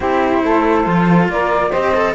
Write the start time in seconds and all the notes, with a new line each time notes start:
0.00 C4 E4 G4 C5
0.43 A3 A4
0.84 F3 F4
1.28 A#3 A#4 D5
1.69 C4 G4 C5 D#5
1.94 A4